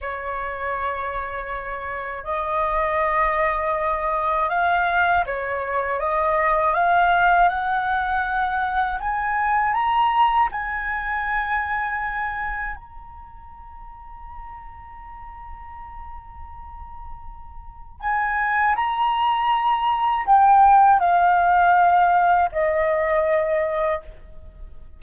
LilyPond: \new Staff \with { instrumentName = "flute" } { \time 4/4 \tempo 4 = 80 cis''2. dis''4~ | dis''2 f''4 cis''4 | dis''4 f''4 fis''2 | gis''4 ais''4 gis''2~ |
gis''4 ais''2.~ | ais''1 | gis''4 ais''2 g''4 | f''2 dis''2 | }